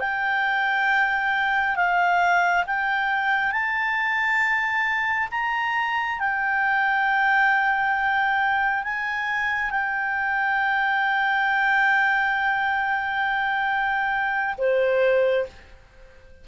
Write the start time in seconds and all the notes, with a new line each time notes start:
0.00 G5
1.76 F5
2.67 G5
3.52 A5
5.31 A#5
6.20 G5
8.84 G#5
9.71 G5
14.57 C5